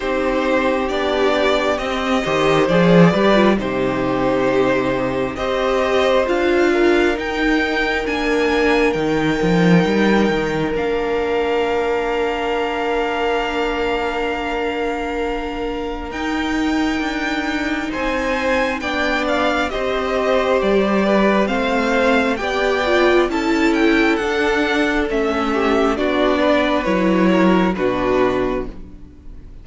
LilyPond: <<
  \new Staff \with { instrumentName = "violin" } { \time 4/4 \tempo 4 = 67 c''4 d''4 dis''4 d''4 | c''2 dis''4 f''4 | g''4 gis''4 g''2 | f''1~ |
f''2 g''2 | gis''4 g''8 f''8 dis''4 d''4 | f''4 g''4 a''8 g''8 fis''4 | e''4 d''4 cis''4 b'4 | }
  \new Staff \with { instrumentName = "violin" } { \time 4/4 g'2~ g'8 c''4 b'8 | g'2 c''4. ais'8~ | ais'1~ | ais'1~ |
ais'1 | c''4 d''4 c''4. b'8 | c''4 d''4 a'2~ | a'8 g'8 fis'8 b'4 ais'8 fis'4 | }
  \new Staff \with { instrumentName = "viola" } { \time 4/4 dis'4 d'4 c'8 g'8 gis'8 g'16 f'16 | dis'2 g'4 f'4 | dis'4 d'4 dis'2 | d'1~ |
d'2 dis'2~ | dis'4 d'4 g'2 | c'4 g'8 f'8 e'4 d'4 | cis'4 d'4 e'4 d'4 | }
  \new Staff \with { instrumentName = "cello" } { \time 4/4 c'4 b4 c'8 dis8 f8 g8 | c2 c'4 d'4 | dis'4 ais4 dis8 f8 g8 dis8 | ais1~ |
ais2 dis'4 d'4 | c'4 b4 c'4 g4 | a4 b4 cis'4 d'4 | a4 b4 fis4 b,4 | }
>>